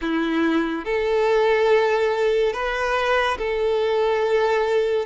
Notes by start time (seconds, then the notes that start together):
0.01 E4
0.85 A4
2.53 B4
3.38 A4